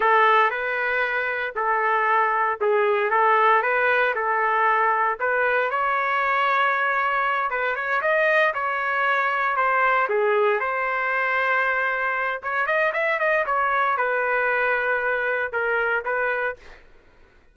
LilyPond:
\new Staff \with { instrumentName = "trumpet" } { \time 4/4 \tempo 4 = 116 a'4 b'2 a'4~ | a'4 gis'4 a'4 b'4 | a'2 b'4 cis''4~ | cis''2~ cis''8 b'8 cis''8 dis''8~ |
dis''8 cis''2 c''4 gis'8~ | gis'8 c''2.~ c''8 | cis''8 dis''8 e''8 dis''8 cis''4 b'4~ | b'2 ais'4 b'4 | }